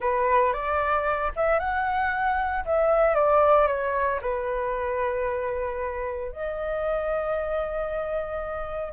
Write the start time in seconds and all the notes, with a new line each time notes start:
0.00 B4
0.53 D5
1.36 E5
1.59 F#5
2.65 E5
3.14 D5
3.67 C#5
4.21 B4
6.32 D#5